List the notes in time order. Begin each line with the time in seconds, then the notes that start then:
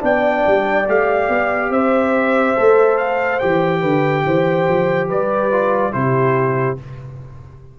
0.00 B3 D4 D5 G5
0.47 G3
0.88 A3 G4 F5
1.29 B3
1.70 C4 C5 E5
2.56 A3 A4
2.98 F5
3.39 E3 G4 G5
3.81 D3 B4
4.26 E3 C5
4.69 F3
5.08 G3 B4 D5
5.52 F4
5.92 C3 E4 G4 C5